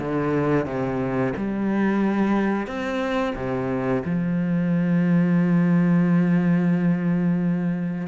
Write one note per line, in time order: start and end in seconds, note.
0.00 0.66 D3
0.66 1.34 C3
1.37 2.67 G3
2.67 3.35 C4
3.36 4.04 C3
4.05 8.08 F3